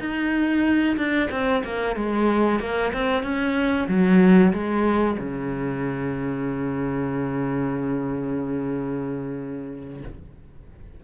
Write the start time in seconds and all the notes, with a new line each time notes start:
0.00 D#4
0.97 D4
1.31 C4
1.65 A#3
1.96 G#3
2.60 A#3
2.93 C4
3.23 C#4
3.88 F#3
4.53 G#3
5.19 C#3